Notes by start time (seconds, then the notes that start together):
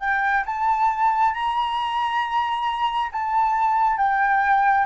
0.00 G5
0.46 A5
1.34 A#5
3.12 A5
3.97 G5